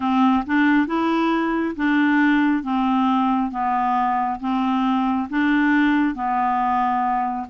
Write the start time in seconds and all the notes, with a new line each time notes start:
0.00 C4
0.46 D4
0.86 E4
1.76 D4
2.63 C4
3.51 B3
4.40 C4
5.29 D4
6.14 B3